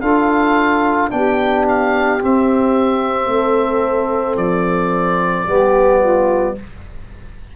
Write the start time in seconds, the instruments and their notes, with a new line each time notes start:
0.00 tuba D4, trombone F4, saxophone A4, oboe F5
1.10 tuba B3, trombone D4, saxophone G4, oboe G5
1.68 oboe F5
2.20 trombone C4, tuba C4, oboe E5
3.26 tuba A3, saxophone A4
4.36 tuba F3, oboe D5
5.46 tuba G3, trombone B3, saxophone G4
6.00 saxophone F4